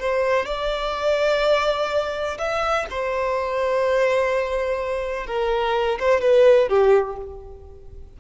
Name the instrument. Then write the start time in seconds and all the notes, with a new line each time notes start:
violin
0.00 C5
0.46 D5
2.38 E5
2.90 C5
5.27 A#4
6.00 C5
6.21 B4
6.69 G4